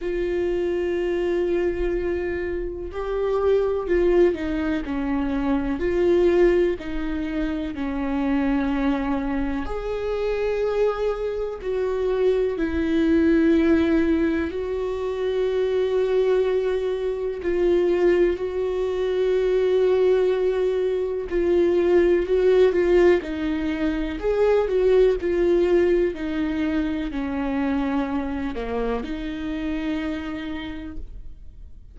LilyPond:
\new Staff \with { instrumentName = "viola" } { \time 4/4 \tempo 4 = 62 f'2. g'4 | f'8 dis'8 cis'4 f'4 dis'4 | cis'2 gis'2 | fis'4 e'2 fis'4~ |
fis'2 f'4 fis'4~ | fis'2 f'4 fis'8 f'8 | dis'4 gis'8 fis'8 f'4 dis'4 | cis'4. ais8 dis'2 | }